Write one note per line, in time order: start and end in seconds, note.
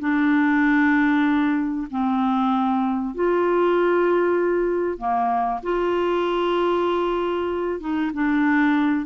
0.00 1.88 D4
1.91 3.15 C4
3.15 4.98 F4
4.98 5.60 A#3
5.63 7.80 F4
7.80 8.12 D#4
8.13 9.06 D4